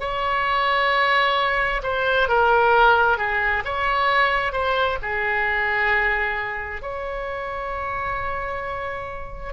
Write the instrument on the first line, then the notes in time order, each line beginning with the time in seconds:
oboe
0.00 C#5
1.83 C5
2.29 A#4
3.18 G#4
3.64 C#5
4.52 C5
5.02 G#4
6.82 C#5